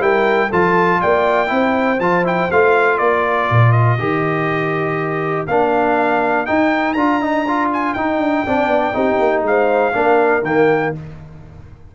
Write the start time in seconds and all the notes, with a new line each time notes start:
0.00 G3 E4 A#4 G5
0.49 F3 F4 A4 A5
1.02 A#3 D5 G5
1.48 C4 E4 C5
2.00 F3 F4 A5
2.25 E4 G5
2.52 A3 F4 F5
2.98 A#3 A#4 D5
3.51 A#2
3.73 D#5
3.99 D#3 G4
5.47 A#3 D4 F5
6.46 D#4 G5
6.94 D4 F4 A#5
7.22 D#4
7.48 F4
7.73 G#5
7.94 D#4 G5
8.19 D4
8.46 C4 D4 D5
8.67 B3
8.94 C4 D#4 G4
9.20 A#3
9.43 G#3 F5
9.49 C5
9.93 A#3 D4 A#4
10.43 D#3 A#3 G5